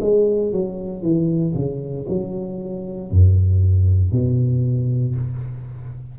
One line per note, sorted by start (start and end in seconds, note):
0.00 0.51 G#3
0.51 1.02 F#3
1.02 1.53 E3
1.54 2.06 C#3
2.08 3.10 F#3
3.10 4.11 F#2
4.11 5.15 B2